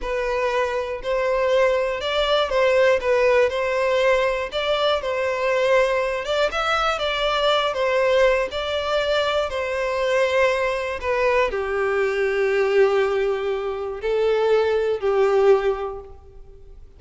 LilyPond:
\new Staff \with { instrumentName = "violin" } { \time 4/4 \tempo 4 = 120 b'2 c''2 | d''4 c''4 b'4 c''4~ | c''4 d''4 c''2~ | c''8 d''8 e''4 d''4. c''8~ |
c''4 d''2 c''4~ | c''2 b'4 g'4~ | g'1 | a'2 g'2 | }